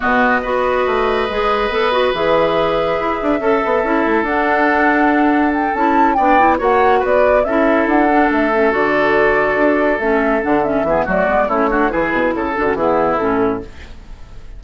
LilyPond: <<
  \new Staff \with { instrumentName = "flute" } { \time 4/4 \tempo 4 = 141 dis''1~ | dis''4 e''2.~ | e''2 fis''2~ | fis''4 g''8 a''4 g''4 fis''8~ |
fis''8 d''4 e''4 fis''4 e''8~ | e''8 d''2. e''8~ | e''8 fis''8 e''4 d''4 cis''4 | b'4 a'8 fis'8 gis'4 a'4 | }
  \new Staff \with { instrumentName = "oboe" } { \time 4/4 fis'4 b'2.~ | b'1 | a'1~ | a'2~ a'8 d''4 cis''8~ |
cis''8 b'4 a'2~ a'8~ | a'1~ | a'4. gis'8 fis'4 e'8 fis'8 | gis'4 a'4 e'2 | }
  \new Staff \with { instrumentName = "clarinet" } { \time 4/4 b4 fis'2 gis'4 | a'8 fis'8 gis'2. | a'4 e'4 d'2~ | d'4. e'4 d'8 e'8 fis'8~ |
fis'4. e'4. d'4 | cis'8 fis'2. cis'8~ | cis'8 d'8 cis'8 b8 a8 b8 cis'8 d'8 | e'4. d'16 cis'16 b4 cis'4 | }
  \new Staff \with { instrumentName = "bassoon" } { \time 4/4 b,4 b4 a4 gis4 | b4 e2 e'8 d'8 | cis'8 b8 cis'8 a8 d'2~ | d'4. cis'4 b4 ais8~ |
ais8 b4 cis'4 d'4 a8~ | a8 d2 d'4 a8~ | a8 d4 e8 fis8 gis8 a4 | e8 b,8 cis8 d8 e4 a,4 | }
>>